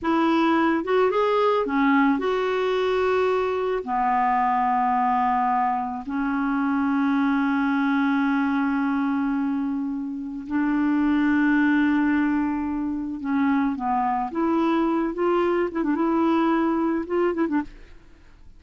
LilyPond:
\new Staff \with { instrumentName = "clarinet" } { \time 4/4 \tempo 4 = 109 e'4. fis'8 gis'4 cis'4 | fis'2. b4~ | b2. cis'4~ | cis'1~ |
cis'2. d'4~ | d'1 | cis'4 b4 e'4. f'8~ | f'8 e'16 d'16 e'2 f'8 e'16 d'16 | }